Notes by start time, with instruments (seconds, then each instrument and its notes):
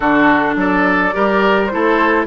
0.00 bassoon D3, clarinet D4, oboe F#4, flute A4
0.55 bassoon F#3, oboe A4, flute D5
1.12 bassoon G3, clarinet G4, oboe A#4
1.67 clarinet E4, flute C5
1.73 bassoon A3, oboe A4